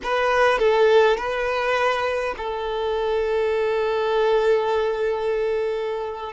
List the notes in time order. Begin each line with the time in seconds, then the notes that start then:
0.03 B4
0.59 A4
1.17 B4
2.37 A4